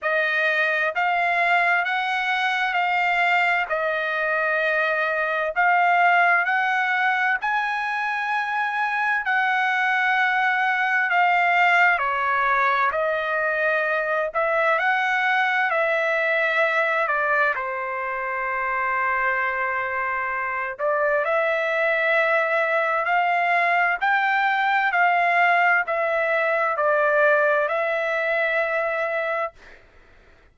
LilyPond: \new Staff \with { instrumentName = "trumpet" } { \time 4/4 \tempo 4 = 65 dis''4 f''4 fis''4 f''4 | dis''2 f''4 fis''4 | gis''2 fis''2 | f''4 cis''4 dis''4. e''8 |
fis''4 e''4. d''8 c''4~ | c''2~ c''8 d''8 e''4~ | e''4 f''4 g''4 f''4 | e''4 d''4 e''2 | }